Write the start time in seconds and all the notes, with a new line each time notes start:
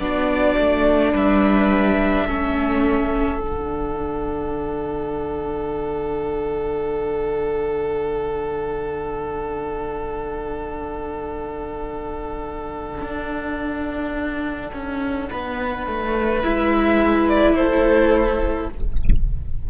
0.00 B3 D4 F#4 D5
0.59 A3
1.13 G3 B4 E5
2.27 A3 C#4 A4
3.40 D3 D4 F#5
13.02 D4
14.74 C#4
15.30 B3 B4
15.87 A3
16.44 G#3 E4 E5
17.29 D5
17.56 A3 A4 C5